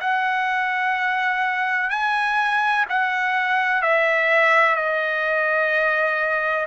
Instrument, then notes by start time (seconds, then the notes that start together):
trumpet
0.00 F#5
1.90 G#5
2.89 F#5
3.82 E5
4.76 D#5